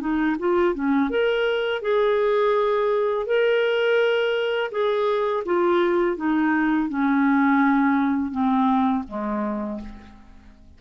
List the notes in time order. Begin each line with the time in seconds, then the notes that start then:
0.00 D#4
0.39 F4
0.75 C#4
1.09 A#4
1.81 G#4
3.26 A#4
4.71 G#4
5.45 F4
6.17 D#4
6.89 C#4
8.31 C4
9.08 G#3